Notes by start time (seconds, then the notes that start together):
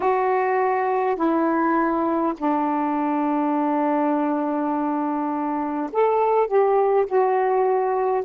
0.00 F#4
1.16 E4
2.37 D4
5.92 A4
6.47 G4
7.06 F#4